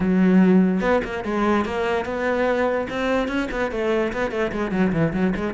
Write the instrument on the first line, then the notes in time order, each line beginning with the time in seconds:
cello
0.00 F#3
0.81 B3
1.04 A#3
1.24 G#3
1.65 A#3
2.05 B3
2.89 C4
3.27 C#4
3.51 B3
3.71 A3
4.12 B3
4.31 A3
4.51 G#3
4.71 F#3
4.92 E3
5.13 F#3
5.36 G#3